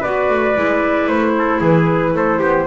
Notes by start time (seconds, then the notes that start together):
0.00 B3 F#4 B4 D5
0.29 A3
0.56 G#3 E4
1.07 A3 C5
1.38 A4
1.60 E3 G#4 B4
2.13 A3 A4 C5
2.39 B3 G4